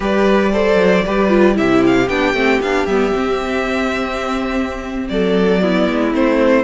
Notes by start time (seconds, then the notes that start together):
0.00 G3 G4 B4 D5
0.52 A4 C5
0.75 F#3
1.05 G3 G4 B4
1.28 F4
1.54 C3 E4 G4 E5
1.86 F5
2.08 B3 D4 G5
2.33 A3 C4
2.61 B3 D4 F5
2.85 G3 B3 E5
3.13 C4
5.08 F#3 A4 D5
5.60 B3 E4
5.88 G#3
6.12 A3 C4 C5